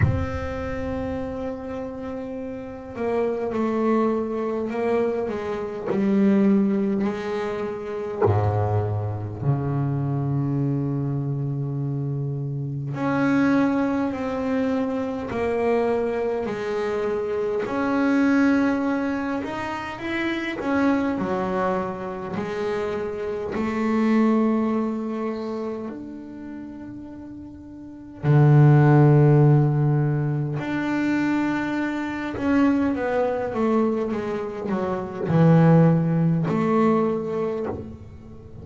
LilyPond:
\new Staff \with { instrumentName = "double bass" } { \time 4/4 \tempo 4 = 51 c'2~ c'8 ais8 a4 | ais8 gis8 g4 gis4 gis,4 | cis2. cis'4 | c'4 ais4 gis4 cis'4~ |
cis'8 dis'8 e'8 cis'8 fis4 gis4 | a2 d'2 | d2 d'4. cis'8 | b8 a8 gis8 fis8 e4 a4 | }